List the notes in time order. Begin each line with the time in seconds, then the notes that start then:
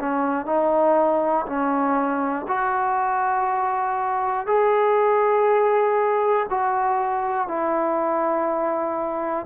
0.00 C#4
0.46 D#4
1.46 C#4
2.48 F#4
4.47 G#4
6.50 F#4
7.48 E4